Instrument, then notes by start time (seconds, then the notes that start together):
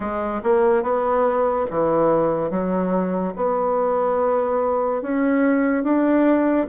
bassoon
0.00 G#3
0.43 A#3
0.83 B3
1.70 E3
2.50 F#3
3.35 B3
5.02 C#4
5.83 D4